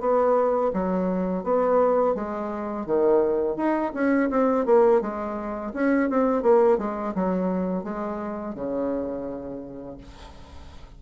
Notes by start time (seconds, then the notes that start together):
0.00 B3
0.73 F#3
1.44 B3
2.15 G#3
2.86 D#3
3.56 D#4
3.94 C#4
4.30 C4
4.66 A#3
5.01 G#3
5.74 C#4
6.10 C4
6.43 A#3
6.78 G#3
7.15 F#3
7.84 G#3
8.55 C#3